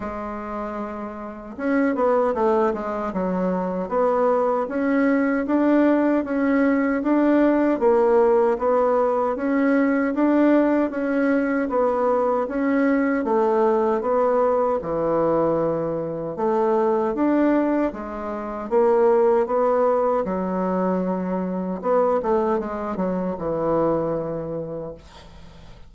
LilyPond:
\new Staff \with { instrumentName = "bassoon" } { \time 4/4 \tempo 4 = 77 gis2 cis'8 b8 a8 gis8 | fis4 b4 cis'4 d'4 | cis'4 d'4 ais4 b4 | cis'4 d'4 cis'4 b4 |
cis'4 a4 b4 e4~ | e4 a4 d'4 gis4 | ais4 b4 fis2 | b8 a8 gis8 fis8 e2 | }